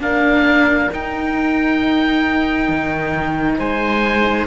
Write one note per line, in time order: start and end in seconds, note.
0.00 0.90 A#3
0.00 0.90 D4
0.00 3.59 A#4
0.00 0.91 F5
0.91 2.68 D#4
0.91 4.46 D#4
0.91 3.59 G5
2.68 3.58 D#3
3.59 4.46 G#3
3.59 4.46 C5
3.59 4.46 G#5